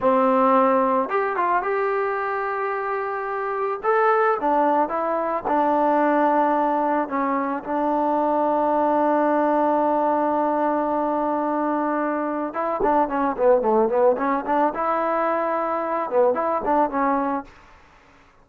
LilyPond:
\new Staff \with { instrumentName = "trombone" } { \time 4/4 \tempo 4 = 110 c'2 g'8 f'8 g'4~ | g'2. a'4 | d'4 e'4 d'2~ | d'4 cis'4 d'2~ |
d'1~ | d'2. e'8 d'8 | cis'8 b8 a8 b8 cis'8 d'8 e'4~ | e'4. b8 e'8 d'8 cis'4 | }